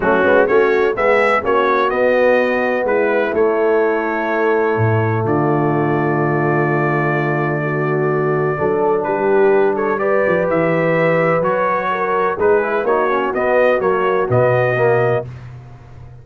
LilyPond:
<<
  \new Staff \with { instrumentName = "trumpet" } { \time 4/4 \tempo 4 = 126 fis'4 cis''4 e''4 cis''4 | dis''2 b'4 cis''4~ | cis''2. d''4~ | d''1~ |
d''2. b'4~ | b'8 cis''8 d''4 e''2 | cis''2 b'4 cis''4 | dis''4 cis''4 dis''2 | }
  \new Staff \with { instrumentName = "horn" } { \time 4/4 cis'4 fis'4 gis'4 fis'4~ | fis'2 e'2~ | e'2. f'4~ | f'1 |
fis'2 a'4 g'4~ | g'8 a'8 b'2.~ | b'4 ais'4 gis'4 fis'4~ | fis'1 | }
  \new Staff \with { instrumentName = "trombone" } { \time 4/4 a8 b8 cis'4 b4 cis'4 | b2. a4~ | a1~ | a1~ |
a2 d'2~ | d'4 g'2. | fis'2 dis'8 e'8 dis'8 cis'8 | b4 ais4 b4 ais4 | }
  \new Staff \with { instrumentName = "tuba" } { \time 4/4 fis8 gis8 a4 gis4 ais4 | b2 gis4 a4~ | a2 a,4 d4~ | d1~ |
d2 fis4 g4~ | g4. f8 e2 | fis2 gis4 ais4 | b4 fis4 b,2 | }
>>